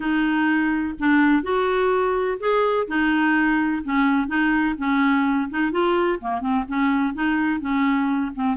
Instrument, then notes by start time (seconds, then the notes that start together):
clarinet
0.00 D#4
0.99 D4
1.42 F#4
2.39 G#4
2.87 D#4
3.84 C#4
4.27 D#4
4.78 C#4
5.49 D#4
5.71 F4
6.20 A#3
6.40 C4
6.68 C#4
7.14 D#4
7.60 C#4
8.34 C4